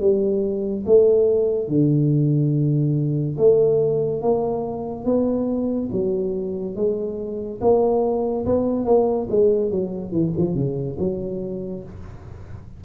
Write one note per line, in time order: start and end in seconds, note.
0.00 0.85 G3
0.86 1.68 A3
1.68 3.37 D3
3.38 4.22 A3
4.22 5.05 A#3
5.05 5.90 B3
5.92 6.76 F#3
6.76 7.60 G#3
7.61 8.45 A#3
8.45 8.85 B3
8.85 9.28 A#3
9.30 9.71 G#3
9.71 10.11 F#3
10.11 10.33 E3
10.38 10.55 F3
10.55 10.97 C#3
10.99 11.83 F#3